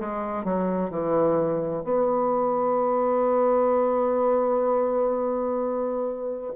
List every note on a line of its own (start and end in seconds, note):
0.00 0.44 G#3
0.44 0.91 F#3
0.91 1.84 E3
1.84 6.53 B3